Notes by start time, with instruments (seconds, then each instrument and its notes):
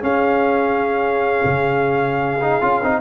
0.00 trombone C#4, tuba C#4, horn G#4, trumpet F5
1.44 tuba C#3
2.41 trombone D#4
2.61 tuba C#4, trombone F4
2.82 tuba C4, trombone D#4